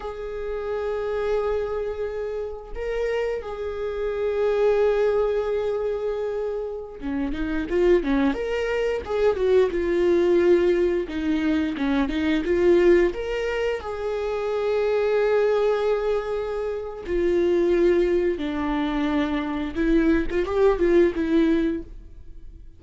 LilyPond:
\new Staff \with { instrumentName = "viola" } { \time 4/4 \tempo 4 = 88 gis'1 | ais'4 gis'2.~ | gis'2~ gis'16 cis'8 dis'8 f'8 cis'16~ | cis'16 ais'4 gis'8 fis'8 f'4.~ f'16~ |
f'16 dis'4 cis'8 dis'8 f'4 ais'8.~ | ais'16 gis'2.~ gis'8.~ | gis'4 f'2 d'4~ | d'4 e'8. f'16 g'8 f'8 e'4 | }